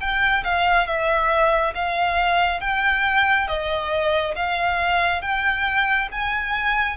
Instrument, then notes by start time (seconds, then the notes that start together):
violin
0.00 G5
0.44 F5
0.87 E5
1.74 F5
2.60 G5
3.47 D#5
4.35 F5
5.21 G5
6.11 G#5